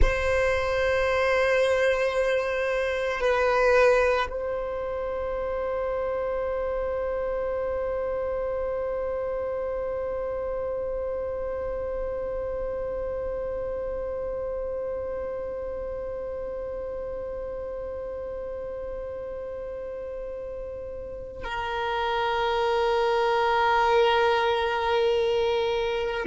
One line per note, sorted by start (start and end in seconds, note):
0.01 3.20 C5
3.20 4.27 B4
4.30 21.43 C5
21.43 26.25 A#4